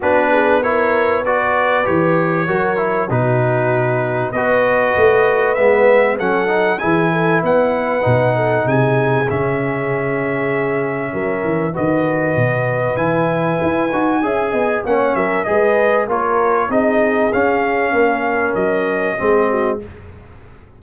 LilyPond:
<<
  \new Staff \with { instrumentName = "trumpet" } { \time 4/4 \tempo 4 = 97 b'4 cis''4 d''4 cis''4~ | cis''4 b'2 dis''4~ | dis''4 e''4 fis''4 gis''4 | fis''2 gis''4 e''4~ |
e''2. dis''4~ | dis''4 gis''2. | fis''8 e''8 dis''4 cis''4 dis''4 | f''2 dis''2 | }
  \new Staff \with { instrumentName = "horn" } { \time 4/4 fis'8 gis'8 ais'4 b'2 | ais'4 fis'2 b'4~ | b'2 a'4 gis'8 a'8 | b'4. a'8 gis'2~ |
gis'2 ais'4 b'4~ | b'2. e''8 dis''8 | cis''8 ais'8 b'4 ais'4 gis'4~ | gis'4 ais'2 gis'8 fis'8 | }
  \new Staff \with { instrumentName = "trombone" } { \time 4/4 d'4 e'4 fis'4 g'4 | fis'8 e'8 dis'2 fis'4~ | fis'4 b4 cis'8 dis'8 e'4~ | e'4 dis'2 cis'4~ |
cis'2. fis'4~ | fis'4 e'4. fis'8 gis'4 | cis'4 gis'4 f'4 dis'4 | cis'2. c'4 | }
  \new Staff \with { instrumentName = "tuba" } { \time 4/4 b2. e4 | fis4 b,2 b4 | a4 gis4 fis4 e4 | b4 b,4 c4 cis4~ |
cis2 fis8 e8 dis4 | b,4 e4 e'8 dis'8 cis'8 b8 | ais8 fis8 gis4 ais4 c'4 | cis'4 ais4 fis4 gis4 | }
>>